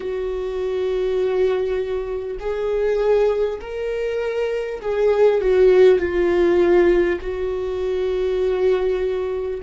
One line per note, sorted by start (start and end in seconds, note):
0.00 2.37 F#4
2.39 3.59 G#4
3.60 4.80 A#4
4.81 5.41 G#4
5.41 5.99 F#4
5.99 7.19 F4
7.21 9.61 F#4